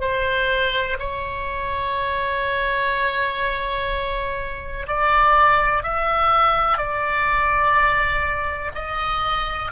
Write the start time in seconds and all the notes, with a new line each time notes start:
0.00 C5
0.99 C#5
4.87 D5
5.83 E5
6.77 D5
8.74 D#5